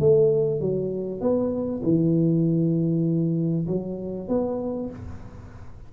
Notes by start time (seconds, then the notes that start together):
0.00 A3
0.60 F#3
1.21 B3
1.83 E3
3.67 F#3
4.29 B3